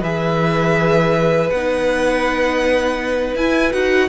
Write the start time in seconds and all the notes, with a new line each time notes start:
0.00 E3 G#4 B4 E5
1.50 B3 D#4 F#5
3.34 E4 G#5
3.71 D#4 F#4 F#5